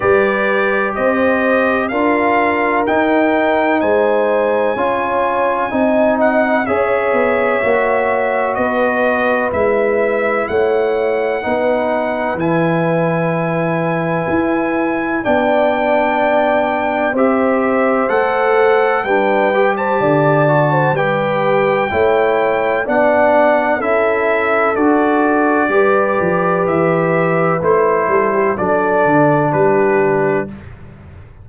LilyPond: <<
  \new Staff \with { instrumentName = "trumpet" } { \time 4/4 \tempo 4 = 63 d''4 dis''4 f''4 g''4 | gis''2~ gis''8 fis''8 e''4~ | e''4 dis''4 e''4 fis''4~ | fis''4 gis''2. |
g''2 e''4 fis''4 | g''8. a''4~ a''16 g''2 | fis''4 e''4 d''2 | e''4 c''4 d''4 b'4 | }
  \new Staff \with { instrumentName = "horn" } { \time 4/4 b'4 c''4 ais'2 | c''4 cis''4 dis''4 cis''4~ | cis''4 b'2 cis''4 | b'1 |
d''2 c''2 | b'8. c''16 d''8. c''16 b'4 cis''4 | d''4 a'2 b'4~ | b'4. a'16 g'16 a'4 g'4 | }
  \new Staff \with { instrumentName = "trombone" } { \time 4/4 g'2 f'4 dis'4~ | dis'4 f'4 dis'4 gis'4 | fis'2 e'2 | dis'4 e'2. |
d'2 g'4 a'4 | d'8 g'4 fis'8 g'4 e'4 | d'4 e'4 fis'4 g'4~ | g'4 e'4 d'2 | }
  \new Staff \with { instrumentName = "tuba" } { \time 4/4 g4 c'4 d'4 dis'4 | gis4 cis'4 c'4 cis'8 b8 | ais4 b4 gis4 a4 | b4 e2 e'4 |
b2 c'4 a4 | g4 d4 g4 a4 | b4 cis'4 d'4 g8 f8 | e4 a8 g8 fis8 d8 g4 | }
>>